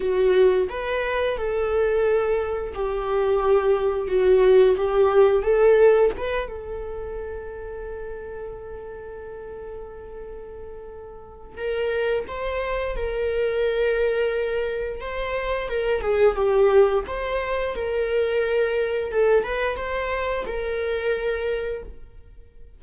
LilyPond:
\new Staff \with { instrumentName = "viola" } { \time 4/4 \tempo 4 = 88 fis'4 b'4 a'2 | g'2 fis'4 g'4 | a'4 b'8 a'2~ a'8~ | a'1~ |
a'4 ais'4 c''4 ais'4~ | ais'2 c''4 ais'8 gis'8 | g'4 c''4 ais'2 | a'8 b'8 c''4 ais'2 | }